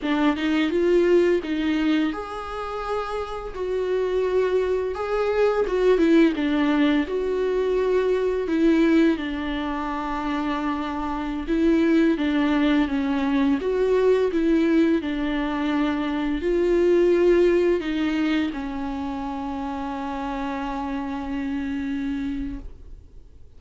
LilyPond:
\new Staff \with { instrumentName = "viola" } { \time 4/4 \tempo 4 = 85 d'8 dis'8 f'4 dis'4 gis'4~ | gis'4 fis'2 gis'4 | fis'8 e'8 d'4 fis'2 | e'4 d'2.~ |
d'16 e'4 d'4 cis'4 fis'8.~ | fis'16 e'4 d'2 f'8.~ | f'4~ f'16 dis'4 cis'4.~ cis'16~ | cis'1 | }